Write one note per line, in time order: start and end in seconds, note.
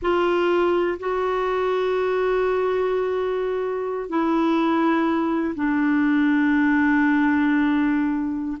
0.01 0.98 F4
0.99 4.09 F#4
4.09 5.54 E4
5.55 8.57 D4